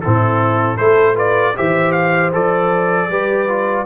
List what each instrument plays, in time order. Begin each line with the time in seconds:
0.00 tuba A2, trombone C4, horn E4, trumpet A4
0.77 tuba A3, trombone E4, horn A4, trumpet C5
1.14 trombone F4, horn B4, trumpet D5
1.55 tuba E3, trombone G4, horn C5, trumpet E5
1.92 trumpet F5
2.32 tuba F3, trombone A4, trumpet D5
3.09 tuba G3, trombone G4, horn B4
3.48 trombone F4